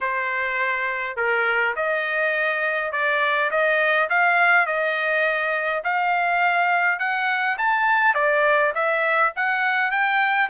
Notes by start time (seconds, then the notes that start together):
0.01 C5
1.16 A#4
1.76 D#5
2.92 D5
3.50 D#5
4.09 F5
4.66 D#5
5.84 F5
6.99 F#5
7.57 A5
8.14 D5
8.74 E5
9.36 F#5
9.91 G5